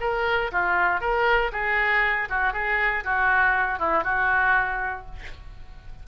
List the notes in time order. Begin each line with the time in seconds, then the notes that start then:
0.00 A#4
0.52 F4
1.01 A#4
1.52 G#4
2.29 F#4
2.53 G#4
3.04 F#4
3.79 E4
4.04 F#4